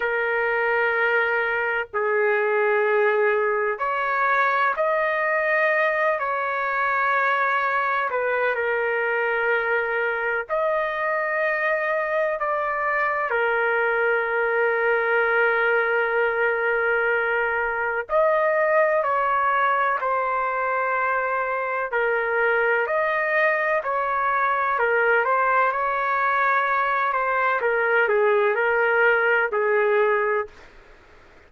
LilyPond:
\new Staff \with { instrumentName = "trumpet" } { \time 4/4 \tempo 4 = 63 ais'2 gis'2 | cis''4 dis''4. cis''4.~ | cis''8 b'8 ais'2 dis''4~ | dis''4 d''4 ais'2~ |
ais'2. dis''4 | cis''4 c''2 ais'4 | dis''4 cis''4 ais'8 c''8 cis''4~ | cis''8 c''8 ais'8 gis'8 ais'4 gis'4 | }